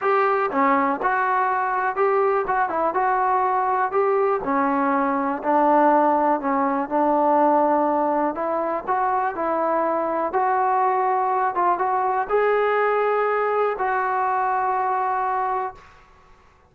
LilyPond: \new Staff \with { instrumentName = "trombone" } { \time 4/4 \tempo 4 = 122 g'4 cis'4 fis'2 | g'4 fis'8 e'8 fis'2 | g'4 cis'2 d'4~ | d'4 cis'4 d'2~ |
d'4 e'4 fis'4 e'4~ | e'4 fis'2~ fis'8 f'8 | fis'4 gis'2. | fis'1 | }